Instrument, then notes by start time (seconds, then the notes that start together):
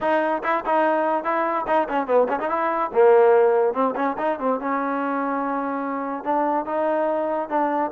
trombone
0.00 D#4
0.43 E4
0.65 D#4
1.23 E4
1.67 D#4
1.88 C#4
2.06 B3
2.28 C#4
2.39 D#4
2.49 E4
2.93 A#3
3.73 C4
3.95 C#4
4.18 D#4
4.39 C4
4.59 C#4
6.24 D4
6.65 D#4
7.49 D4